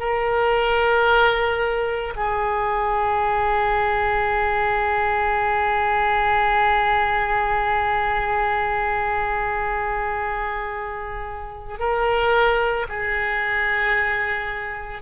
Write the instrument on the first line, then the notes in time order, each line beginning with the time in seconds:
oboe
0.00 A#4
2.16 G#4
11.80 A#4
12.89 G#4